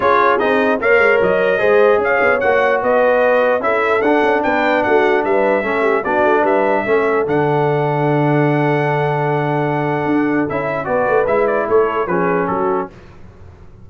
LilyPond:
<<
  \new Staff \with { instrumentName = "trumpet" } { \time 4/4 \tempo 4 = 149 cis''4 dis''4 f''4 dis''4~ | dis''4 f''4 fis''4 dis''4~ | dis''4 e''4 fis''4 g''4 | fis''4 e''2 d''4 |
e''2 fis''2~ | fis''1~ | fis''2 e''4 d''4 | e''8 d''8 cis''4 b'4 a'4 | }
  \new Staff \with { instrumentName = "horn" } { \time 4/4 gis'2 cis''2 | c''4 cis''2 b'4~ | b'4 a'2 b'4 | fis'4 b'4 a'8 g'8 fis'4 |
b'4 a'2.~ | a'1~ | a'2. b'4~ | b'4 a'4 gis'4 fis'4 | }
  \new Staff \with { instrumentName = "trombone" } { \time 4/4 f'4 dis'4 ais'2 | gis'2 fis'2~ | fis'4 e'4 d'2~ | d'2 cis'4 d'4~ |
d'4 cis'4 d'2~ | d'1~ | d'2 e'4 fis'4 | e'2 cis'2 | }
  \new Staff \with { instrumentName = "tuba" } { \time 4/4 cis'4 c'4 ais8 gis8 fis4 | gis4 cis'8 b8 ais4 b4~ | b4 cis'4 d'8 cis'8 b4 | a4 g4 a4 b8 a8 |
g4 a4 d2~ | d1~ | d4 d'4 cis'4 b8 a8 | gis4 a4 f4 fis4 | }
>>